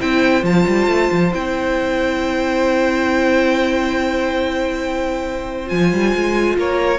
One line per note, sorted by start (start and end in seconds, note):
0.00 0.43 C4
0.00 0.43 E4
0.00 6.57 C5
0.00 0.45 G5
0.43 0.65 F3
0.43 1.31 F4
0.43 1.33 A5
0.67 0.88 G3
0.88 1.09 A3
1.12 1.34 F3
1.33 5.71 C4
1.33 5.67 E4
1.33 5.69 G5
5.67 5.93 F3
5.67 6.98 F4
5.67 6.56 G#5
5.93 6.15 G3
6.15 6.57 G#3
6.57 6.99 A#3
6.57 6.99 A#4
6.57 6.99 C#5